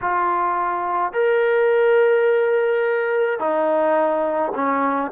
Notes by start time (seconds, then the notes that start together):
0.01 F4
1.13 A#4
3.39 D#4
4.54 C#4